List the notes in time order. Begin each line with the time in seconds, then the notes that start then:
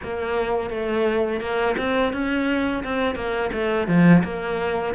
0.03 A#3
0.69 A3
1.40 A#3
1.77 C4
2.12 C#4
2.84 C4
3.15 A#3
3.52 A3
3.87 F3
4.24 A#3